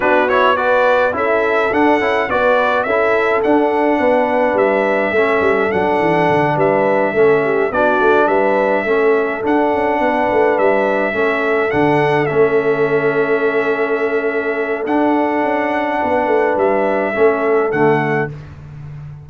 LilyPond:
<<
  \new Staff \with { instrumentName = "trumpet" } { \time 4/4 \tempo 4 = 105 b'8 cis''8 d''4 e''4 fis''4 | d''4 e''4 fis''2 | e''2 fis''4. e''8~ | e''4. d''4 e''4.~ |
e''8 fis''2 e''4.~ | e''8 fis''4 e''2~ e''8~ | e''2 fis''2~ | fis''4 e''2 fis''4 | }
  \new Staff \with { instrumentName = "horn" } { \time 4/4 fis'4 b'4 a'2 | b'4 a'2 b'4~ | b'4 a'2~ a'8 b'8~ | b'8 a'8 g'8 fis'4 b'4 a'8~ |
a'4. b'2 a'8~ | a'1~ | a'1 | b'2 a'2 | }
  \new Staff \with { instrumentName = "trombone" } { \time 4/4 d'8 e'8 fis'4 e'4 d'8 e'8 | fis'4 e'4 d'2~ | d'4 cis'4 d'2~ | d'8 cis'4 d'2 cis'8~ |
cis'8 d'2. cis'8~ | cis'8 d'4 cis'2~ cis'8~ | cis'2 d'2~ | d'2 cis'4 a4 | }
  \new Staff \with { instrumentName = "tuba" } { \time 4/4 b2 cis'4 d'8 cis'8 | b4 cis'4 d'4 b4 | g4 a8 g8 fis8 e8 d8 g8~ | g8 a4 b8 a8 g4 a8~ |
a8 d'8 cis'8 b8 a8 g4 a8~ | a8 d4 a2~ a8~ | a2 d'4 cis'4 | b8 a8 g4 a4 d4 | }
>>